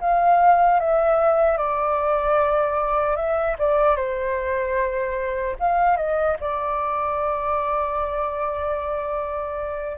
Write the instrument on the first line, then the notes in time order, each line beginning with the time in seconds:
flute
0.00 F5
0.80 E5
1.57 D5
3.16 E5
3.59 D5
3.96 C5
5.60 F5
5.97 D#5
6.40 D5